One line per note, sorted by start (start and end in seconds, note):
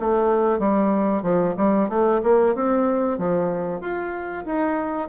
0.00 0.59 A3
0.59 1.23 G3
1.23 1.55 F3
1.57 1.89 G3
1.89 2.21 A3
2.23 2.55 A#3
2.55 3.18 C4
3.18 3.81 F3
3.81 4.44 F4
4.46 5.09 D#4